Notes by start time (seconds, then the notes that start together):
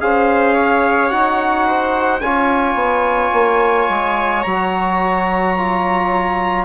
0.00 C#4 G#4 C5 F5
0.54 C#5
1.10 D#4 F#4 F#5
1.66 C5
2.21 C#4 F4 C#5 G#5
2.74 B3
3.32 A#3
3.89 G#3
4.43 F#3 F#4 A#5
5.57 F4